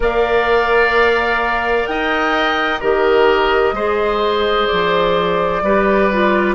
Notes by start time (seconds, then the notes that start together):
0.00 A#3 A#4 D5 F5
1.86 D#4 D#5 G5
2.80 D#3 G4 A#4 D#5
3.72 G#3 G#4 C5
4.67 F3 D5
5.62 G3 G4 B4
6.12 F4